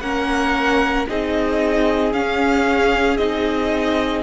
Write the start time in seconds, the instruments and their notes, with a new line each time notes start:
0.00 cello A#3, viola C#4, violin A#4 F#5
1.08 cello C4, viola D#4, violin G#4 D#5
2.12 viola C#4, cello C#4, violin F5
3.17 cello C4, viola D#4, violin D#5